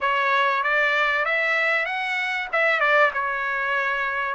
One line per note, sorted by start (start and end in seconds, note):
0.00 0.63 C#5
0.63 1.25 D5
1.25 1.85 E5
1.85 2.47 F#5
2.52 2.80 E5
2.80 3.11 D5
3.13 4.34 C#5